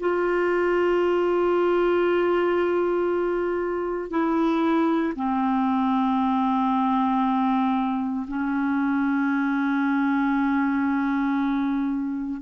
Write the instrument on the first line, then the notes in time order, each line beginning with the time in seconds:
clarinet
0.00 F4
4.10 E4
5.16 C4
8.28 C#4